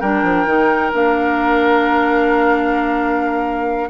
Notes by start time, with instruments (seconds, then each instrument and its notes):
0.00 bassoon G3, clarinet D4, oboe A#4, flute G5
0.23 bassoon F3
0.46 bassoon D#3, clarinet D#4
0.93 bassoon A#3, clarinet D4, flute F5